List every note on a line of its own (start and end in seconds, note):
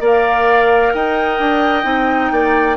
0.00 0.92 A#3
0.00 1.83 A#4
0.00 0.93 D5
0.00 0.93 F5
0.93 1.39 D#4
0.93 2.32 D#5
0.93 2.77 G5
1.39 1.84 D4
1.83 2.30 C4
1.83 2.75 D#4
2.31 2.77 A#3
2.31 2.77 D5